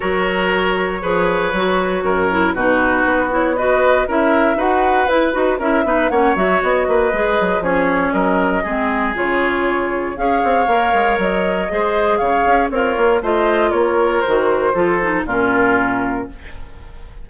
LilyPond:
<<
  \new Staff \with { instrumentName = "flute" } { \time 4/4 \tempo 4 = 118 cis''1~ | cis''4 b'4. cis''8 dis''4 | e''4 fis''4 b'4 e''4 | fis''8 e''8 dis''2 cis''4 |
dis''2 cis''2 | f''2 dis''2 | f''4 cis''4 dis''4 cis''4 | c''2 ais'2 | }
  \new Staff \with { instrumentName = "oboe" } { \time 4/4 ais'2 b'2 | ais'4 fis'2 b'4 | ais'4 b'2 ais'8 b'8 | cis''4. b'4. gis'4 |
ais'4 gis'2. | cis''2. c''4 | cis''4 f'4 c''4 ais'4~ | ais'4 a'4 f'2 | }
  \new Staff \with { instrumentName = "clarinet" } { \time 4/4 fis'2 gis'4 fis'4~ | fis'8 e'8 dis'4. e'8 fis'4 | e'4 fis'4 e'8 fis'8 e'8 dis'8 | cis'8 fis'4. gis'4 cis'4~ |
cis'4 c'4 f'2 | gis'4 ais'2 gis'4~ | gis'4 ais'4 f'2 | fis'4 f'8 dis'8 cis'2 | }
  \new Staff \with { instrumentName = "bassoon" } { \time 4/4 fis2 f4 fis4 | fis,4 b,4 b2 | cis'4 dis'4 e'8 dis'8 cis'8 b8 | ais8 fis8 b8 ais8 gis8 fis8 f4 |
fis4 gis4 cis2 | cis'8 c'8 ais8 gis8 fis4 gis4 | cis8 cis'8 c'8 ais8 a4 ais4 | dis4 f4 ais,2 | }
>>